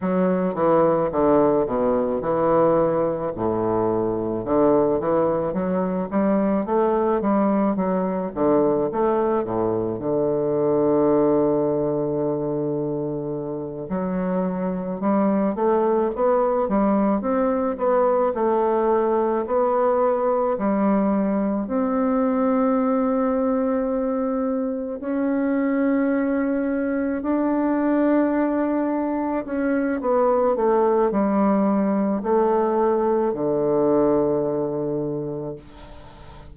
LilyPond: \new Staff \with { instrumentName = "bassoon" } { \time 4/4 \tempo 4 = 54 fis8 e8 d8 b,8 e4 a,4 | d8 e8 fis8 g8 a8 g8 fis8 d8 | a8 a,8 d2.~ | d8 fis4 g8 a8 b8 g8 c'8 |
b8 a4 b4 g4 c'8~ | c'2~ c'8 cis'4.~ | cis'8 d'2 cis'8 b8 a8 | g4 a4 d2 | }